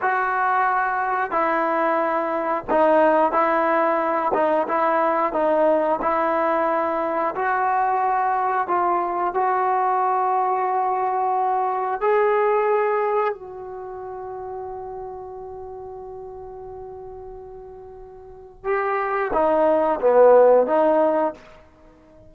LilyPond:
\new Staff \with { instrumentName = "trombone" } { \time 4/4 \tempo 4 = 90 fis'2 e'2 | dis'4 e'4. dis'8 e'4 | dis'4 e'2 fis'4~ | fis'4 f'4 fis'2~ |
fis'2 gis'2 | fis'1~ | fis'1 | g'4 dis'4 b4 dis'4 | }